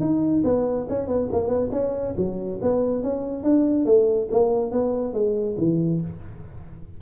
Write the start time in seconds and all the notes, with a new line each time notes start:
0.00 D#4
0.44 B3
0.89 C#4
1.07 B3
1.32 A#3
1.48 B3
1.72 C#4
2.17 F#3
2.62 B3
3.03 C#4
3.43 D4
3.85 A3
4.31 A#3
4.71 B3
5.13 G#3
5.58 E3